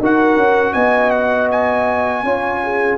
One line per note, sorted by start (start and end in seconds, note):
0.00 0.36 D#4
0.00 2.25 F#4
0.00 0.73 A#4
0.00 0.73 F#5
0.36 0.74 C#4
0.73 2.23 B3
0.73 2.23 D#5
0.73 1.10 G#5
1.10 1.48 F#5
1.51 2.98 G#5
2.23 2.98 C#4
2.23 2.98 F4
2.23 2.62 C#5
2.64 2.98 G#4